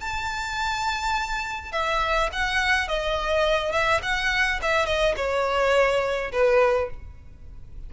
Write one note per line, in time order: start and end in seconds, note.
0.00 1.72 A5
1.72 2.29 E5
2.32 2.88 F#5
2.88 3.72 D#5
3.72 4.00 E5
4.02 4.60 F#5
4.62 4.86 E5
4.86 5.15 D#5
5.16 6.31 C#5
6.32 6.89 B4